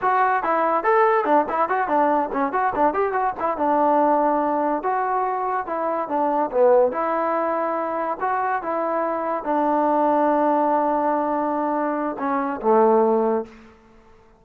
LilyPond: \new Staff \with { instrumentName = "trombone" } { \time 4/4 \tempo 4 = 143 fis'4 e'4 a'4 d'8 e'8 | fis'8 d'4 cis'8 fis'8 d'8 g'8 fis'8 | e'8 d'2. fis'8~ | fis'4. e'4 d'4 b8~ |
b8 e'2. fis'8~ | fis'8 e'2 d'4.~ | d'1~ | d'4 cis'4 a2 | }